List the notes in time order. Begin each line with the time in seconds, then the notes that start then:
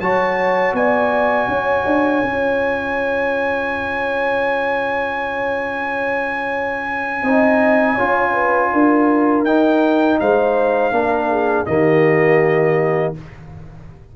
0.00 F#3 F#4 C#5 A5
0.73 B3 D5 G#5
1.48 C#4 C#5
1.85 D4
2.23 C#4 F4
7.22 C4 D#4 D#5
7.95 C#4 F4 C#5
8.32 B4
8.72 D4 A#4
9.43 D#4 G5
10.19 G#3 C5 F5
10.91 A#3 D4 A#4
11.30 G#4
11.65 D#3 A#3 G4 D#5